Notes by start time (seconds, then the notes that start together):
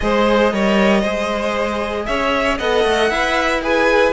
0.00 G#3 G#4 C5 D#5
0.52 G3 A#4 C#5
1.01 G#3 G#4 C5
2.05 C#4 C#5 E5
2.58 B3 A4 D#5 F#5
2.84 A3
3.09 E4 B4 E5
3.62 G#4 B4 G#5